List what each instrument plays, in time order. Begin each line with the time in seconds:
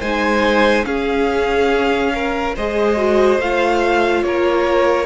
0.00 cello G#3, viola D#4, violin C5 G#5
0.84 viola C#4, cello C#4, violin G#4 F5
2.15 violin A#4
2.55 cello G#3, viola G#4, violin C5 D#5
2.97 viola F#4
3.39 cello A3, viola F4, violin F5
4.23 cello A#3, violin A#4 C#5